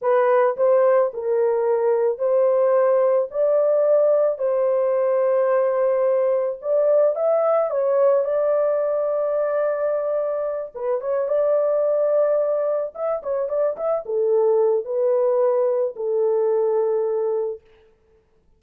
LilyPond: \new Staff \with { instrumentName = "horn" } { \time 4/4 \tempo 4 = 109 b'4 c''4 ais'2 | c''2 d''2 | c''1 | d''4 e''4 cis''4 d''4~ |
d''2.~ d''8 b'8 | cis''8 d''2. e''8 | cis''8 d''8 e''8 a'4. b'4~ | b'4 a'2. | }